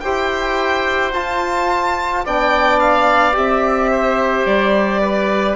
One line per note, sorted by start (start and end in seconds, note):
0.00 1.13 E4
0.00 1.14 G4
0.00 2.25 C5
0.00 1.11 G5
1.13 2.25 F4
1.13 2.25 A5
2.25 3.36 B3
2.25 3.33 D4
2.25 3.91 D5
2.25 2.80 G5
2.80 3.35 F5
3.33 4.46 C4
3.33 5.55 G4
3.33 4.47 E5
3.91 5.01 C5
4.46 5.56 G3
4.46 5.56 D5
5.01 5.56 B4